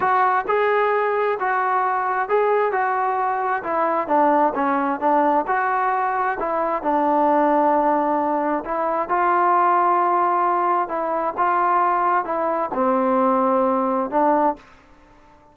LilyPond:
\new Staff \with { instrumentName = "trombone" } { \time 4/4 \tempo 4 = 132 fis'4 gis'2 fis'4~ | fis'4 gis'4 fis'2 | e'4 d'4 cis'4 d'4 | fis'2 e'4 d'4~ |
d'2. e'4 | f'1 | e'4 f'2 e'4 | c'2. d'4 | }